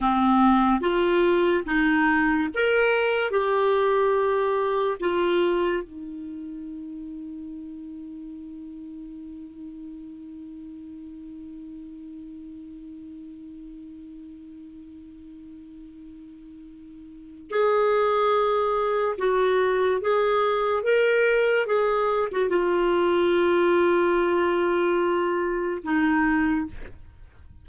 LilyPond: \new Staff \with { instrumentName = "clarinet" } { \time 4/4 \tempo 4 = 72 c'4 f'4 dis'4 ais'4 | g'2 f'4 dis'4~ | dis'1~ | dis'1~ |
dis'1~ | dis'4 gis'2 fis'4 | gis'4 ais'4 gis'8. fis'16 f'4~ | f'2. dis'4 | }